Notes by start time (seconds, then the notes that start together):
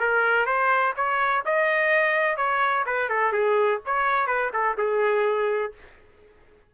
0.00 A#4
0.46 C5
0.97 C#5
1.45 D#5
2.37 C#5
2.86 B4
3.09 A4
3.32 G#4
3.86 C#5
4.27 B4
4.53 A4
4.78 G#4